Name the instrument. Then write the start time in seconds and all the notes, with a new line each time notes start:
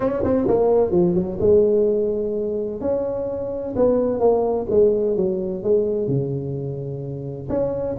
tuba
0.00 C#4
0.23 C4
0.47 A#3
0.91 F3
1.14 F#3
1.40 G#3
2.80 C#4
3.76 B3
4.19 A#3
4.70 G#3
5.16 F#3
5.63 G#3
6.07 C#3
7.49 C#4